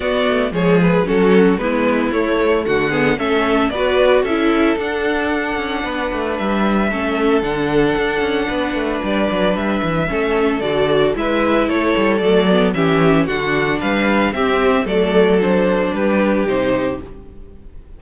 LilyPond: <<
  \new Staff \with { instrumentName = "violin" } { \time 4/4 \tempo 4 = 113 d''4 cis''8 b'8 a'4 b'4 | cis''4 fis''4 e''4 d''4 | e''4 fis''2. | e''2 fis''2~ |
fis''4 d''4 e''2 | d''4 e''4 cis''4 d''4 | e''4 fis''4 f''4 e''4 | d''4 c''4 b'4 c''4 | }
  \new Staff \with { instrumentName = "violin" } { \time 4/4 fis'4 gis'4 fis'4 e'4~ | e'4 fis'8 gis'8 a'4 b'4 | a'2. b'4~ | b'4 a'2. |
b'2. a'4~ | a'4 b'4 a'2 | g'4 fis'4 b'4 g'4 | a'2 g'2 | }
  \new Staff \with { instrumentName = "viola" } { \time 4/4 b4 gis4 cis'4 b4 | a4. b8 cis'4 fis'4 | e'4 d'2.~ | d'4 cis'4 d'2~ |
d'2. cis'4 | fis'4 e'2 a8 b8 | cis'4 d'2 c'4 | a4 d'2 dis'4 | }
  \new Staff \with { instrumentName = "cello" } { \time 4/4 b8 a8 f4 fis4 gis4 | a4 d4 a4 b4 | cis'4 d'4. cis'8 b8 a8 | g4 a4 d4 d'8 cis'8 |
b8 a8 g8 fis8 g8 e8 a4 | d4 gis4 a8 g8 fis4 | e4 d4 g4 c'4 | fis2 g4 c4 | }
>>